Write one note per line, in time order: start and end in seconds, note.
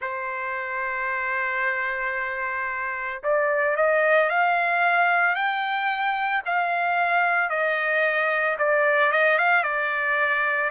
0.01 3.22 C5
3.23 3.76 D5
3.76 4.29 D#5
4.29 5.35 F5
5.35 6.42 G5
6.45 7.49 F5
7.49 8.56 D#5
8.58 9.12 D5
9.12 9.38 D#5
9.38 9.63 F5
9.63 10.70 D5